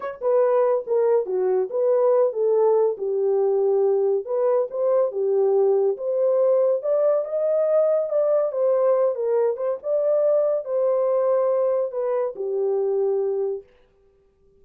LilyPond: \new Staff \with { instrumentName = "horn" } { \time 4/4 \tempo 4 = 141 cis''8 b'4. ais'4 fis'4 | b'4. a'4. g'4~ | g'2 b'4 c''4 | g'2 c''2 |
d''4 dis''2 d''4 | c''4. ais'4 c''8 d''4~ | d''4 c''2. | b'4 g'2. | }